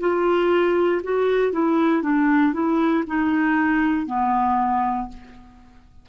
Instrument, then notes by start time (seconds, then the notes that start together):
clarinet
0.00 F4
1.03 F#4
1.53 E4
2.02 D4
2.53 E4
3.06 D#4
4.06 B3